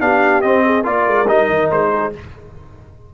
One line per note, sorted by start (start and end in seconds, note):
0.00 0.43 B3
0.00 0.43 D4
0.00 0.64 G4
0.00 0.41 F5
0.41 0.83 C4
0.41 0.85 C4
0.41 0.84 D#5
0.64 0.83 G#4
0.83 1.06 A#3
0.83 1.26 F4
0.83 1.89 A#4
0.83 1.28 D5
1.06 1.28 G#3
1.27 1.49 G3
1.27 2.12 D#4
1.27 1.70 D#5
1.49 1.70 D#3
1.70 2.13 G#3
1.70 2.13 C5
1.91 2.12 G#4